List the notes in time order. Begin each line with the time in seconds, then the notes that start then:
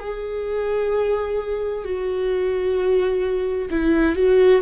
0.00 G#4
1.85 F#4
3.70 E4
4.16 F#4